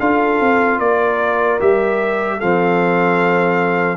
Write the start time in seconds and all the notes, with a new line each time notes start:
0.00 D4 F4 A4 F5
0.40 C4
0.79 A#3 A#4 D5
1.60 G3 G4 E5
2.38 F3 C4 A4 F5